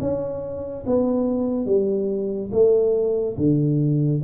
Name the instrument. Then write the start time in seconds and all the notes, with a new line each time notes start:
tuba
0.00 C#4
0.86 B3
1.66 G3
2.52 A3
3.37 D3